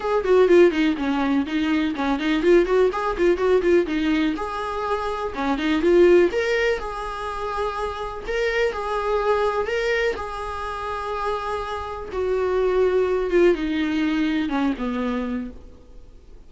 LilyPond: \new Staff \with { instrumentName = "viola" } { \time 4/4 \tempo 4 = 124 gis'8 fis'8 f'8 dis'8 cis'4 dis'4 | cis'8 dis'8 f'8 fis'8 gis'8 f'8 fis'8 f'8 | dis'4 gis'2 cis'8 dis'8 | f'4 ais'4 gis'2~ |
gis'4 ais'4 gis'2 | ais'4 gis'2.~ | gis'4 fis'2~ fis'8 f'8 | dis'2 cis'8 b4. | }